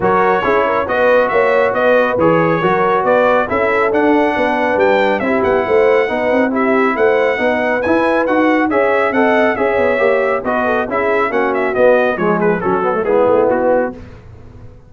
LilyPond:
<<
  \new Staff \with { instrumentName = "trumpet" } { \time 4/4 \tempo 4 = 138 cis''2 dis''4 e''4 | dis''4 cis''2 d''4 | e''4 fis''2 g''4 | e''8 fis''2~ fis''8 e''4 |
fis''2 gis''4 fis''4 | e''4 fis''4 e''2 | dis''4 e''4 fis''8 e''8 dis''4 | cis''8 b'8 a'4 gis'4 fis'4 | }
  \new Staff \with { instrumentName = "horn" } { \time 4/4 ais'4 gis'8 ais'8 b'4 cis''4 | b'2 ais'4 b'4 | a'2 b'2 | g'4 c''4 b'4 g'4 |
c''4 b'2. | cis''4 dis''4 cis''2 | b'8 a'8 gis'4 fis'2 | gis'4 fis'4 e'2 | }
  \new Staff \with { instrumentName = "trombone" } { \time 4/4 fis'4 e'4 fis'2~ | fis'4 gis'4 fis'2 | e'4 d'2. | e'2 dis'4 e'4~ |
e'4 dis'4 e'4 fis'4 | gis'4 a'4 gis'4 g'4 | fis'4 e'4 cis'4 b4 | gis4 cis'8 b16 a16 b2 | }
  \new Staff \with { instrumentName = "tuba" } { \time 4/4 fis4 cis'4 b4 ais4 | b4 e4 fis4 b4 | cis'4 d'4 b4 g4 | c'8 b8 a4 b8 c'4. |
a4 b4 e'4 dis'4 | cis'4 c'4 cis'8 b8 ais4 | b4 cis'4 ais4 b4 | f4 fis4 gis8 a8 b4 | }
>>